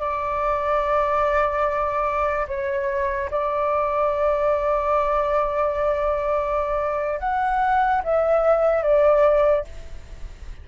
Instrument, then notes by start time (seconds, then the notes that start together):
flute
0.00 D5
2.47 C#5
3.31 D5
7.20 F#5
8.04 E5
8.82 D5